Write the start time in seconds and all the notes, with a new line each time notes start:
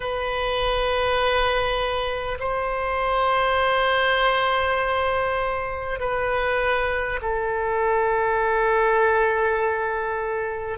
0.00 B4
2.39 C5
5.99 B4
7.21 A4